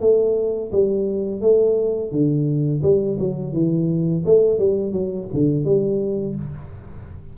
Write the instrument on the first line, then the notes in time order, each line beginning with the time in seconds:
tuba
0.00 A3
0.71 G3
1.41 A3
2.11 D3
2.82 G3
3.19 F#3
3.53 E3
4.25 A3
4.58 G3
4.92 F#3
5.33 D3
5.64 G3